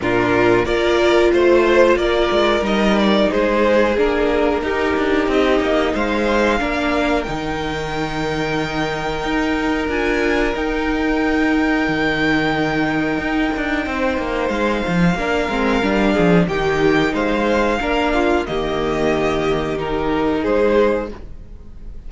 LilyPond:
<<
  \new Staff \with { instrumentName = "violin" } { \time 4/4 \tempo 4 = 91 ais'4 d''4 c''4 d''4 | dis''8 d''8 c''4 ais'2 | dis''4 f''2 g''4~ | g''2. gis''4 |
g''1~ | g''2 f''2~ | f''4 g''4 f''2 | dis''2 ais'4 c''4 | }
  \new Staff \with { instrumentName = "violin" } { \time 4/4 f'4 ais'4 c''4 ais'4~ | ais'4 gis'2 g'4~ | g'4 c''4 ais'2~ | ais'1~ |
ais'1~ | ais'4 c''2 ais'4~ | ais'8 gis'8 g'4 c''4 ais'8 f'8 | g'2. gis'4 | }
  \new Staff \with { instrumentName = "viola" } { \time 4/4 d'4 f'2. | dis'2 d'4 dis'4~ | dis'2 d'4 dis'4~ | dis'2. f'4 |
dis'1~ | dis'2. d'8 c'8 | d'4 dis'2 d'4 | ais2 dis'2 | }
  \new Staff \with { instrumentName = "cello" } { \time 4/4 ais,4 ais4 a4 ais8 gis8 | g4 gis4 ais4 dis'8 d'8 | c'8 ais8 gis4 ais4 dis4~ | dis2 dis'4 d'4 |
dis'2 dis2 | dis'8 d'8 c'8 ais8 gis8 f8 ais8 gis8 | g8 f8 dis4 gis4 ais4 | dis2. gis4 | }
>>